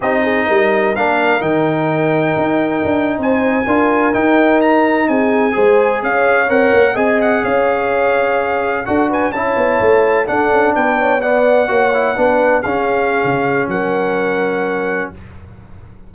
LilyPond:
<<
  \new Staff \with { instrumentName = "trumpet" } { \time 4/4 \tempo 4 = 127 dis''2 f''4 g''4~ | g''2~ g''8. gis''4~ gis''16~ | gis''8. g''4 ais''4 gis''4~ gis''16~ | gis''8. f''4 fis''4 gis''8 fis''8 f''16~ |
f''2~ f''8. fis''8 gis''8 a''16~ | a''4.~ a''16 fis''4 g''4 fis''16~ | fis''2~ fis''8. f''4~ f''16~ | f''4 fis''2. | }
  \new Staff \with { instrumentName = "horn" } { \time 4/4 g'8 gis'8 ais'2.~ | ais'2~ ais'8. c''4 ais'16~ | ais'2~ ais'8. gis'4 c''16~ | c''8. cis''2 dis''4 cis''16~ |
cis''2~ cis''8. a'8 b'8 cis''16~ | cis''4.~ cis''16 a'4 b'8 cis''8 d''16~ | d''8. cis''4 b'4 gis'4~ gis'16~ | gis'4 ais'2. | }
  \new Staff \with { instrumentName = "trombone" } { \time 4/4 dis'2 d'4 dis'4~ | dis'2.~ dis'8. f'16~ | f'8. dis'2. gis'16~ | gis'4.~ gis'16 ais'4 gis'4~ gis'16~ |
gis'2~ gis'8. fis'4 e'16~ | e'4.~ e'16 d'2 b16~ | b8. fis'8 e'8 d'4 cis'4~ cis'16~ | cis'1 | }
  \new Staff \with { instrumentName = "tuba" } { \time 4/4 c'4 g4 ais4 dis4~ | dis4 dis'4 d'8. c'4 d'16~ | d'8. dis'2 c'4 gis16~ | gis8. cis'4 c'8 ais8 c'4 cis'16~ |
cis'2~ cis'8. d'4 cis'16~ | cis'16 b8 a4 d'8 cis'8 b4~ b16~ | b8. ais4 b4 cis'4~ cis'16 | cis4 fis2. | }
>>